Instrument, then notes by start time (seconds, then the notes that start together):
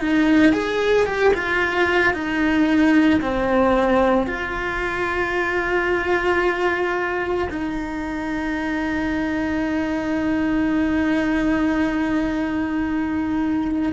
cello
0.00 D#4
0.53 G#4
1.06 G4
1.34 F4
2.14 D#4
3.21 C4
4.27 F4
7.50 D#4